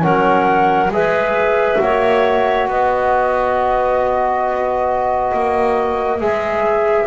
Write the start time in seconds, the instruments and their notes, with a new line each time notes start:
0.00 double bass F#3, trombone C#4, clarinet A#4, flute F#5
0.88 double bass G#3, trombone G#4, clarinet B4, flute E5
1.78 double bass A#3, trombone F#4, clarinet C#5
2.67 double bass B3, clarinet B4, flute D#5
5.33 double bass A#3
6.19 double bass G#3, trombone G#4, flute E5